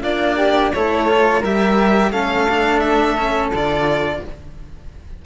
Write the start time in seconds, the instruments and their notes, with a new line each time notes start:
0.00 cello A#3 D4, flute F4, violin D5
0.36 flute G4
0.73 cello A3 E4, flute A4, violin C#5
1.08 cello F4
1.40 cello G3 G4, flute A#4, violin E5
2.11 cello A3 C#4, flute A4, violin F5
2.48 cello D4
2.79 violin E5
3.17 cello C#4
3.50 cello D3 F4, violin D5